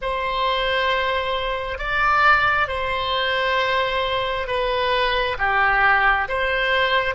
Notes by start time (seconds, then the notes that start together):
0.01 C5
1.78 D5
2.67 C5
4.47 B4
5.38 G4
6.28 C5